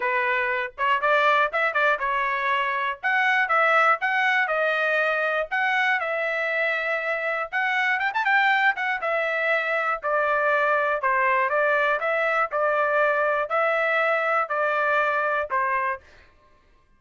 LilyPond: \new Staff \with { instrumentName = "trumpet" } { \time 4/4 \tempo 4 = 120 b'4. cis''8 d''4 e''8 d''8 | cis''2 fis''4 e''4 | fis''4 dis''2 fis''4 | e''2. fis''4 |
g''16 a''16 g''4 fis''8 e''2 | d''2 c''4 d''4 | e''4 d''2 e''4~ | e''4 d''2 c''4 | }